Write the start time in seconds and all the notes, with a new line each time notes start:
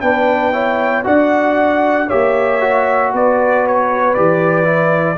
0.00 B3 D4 B4 G5
0.52 E4 C#5
1.03 D4 F#4 D5 F#5
2.07 A#3 G4 C#5 E5
2.60 F#4
3.12 B3 B4 D5
3.67 C#5
4.14 E3 G4 D5
4.64 E4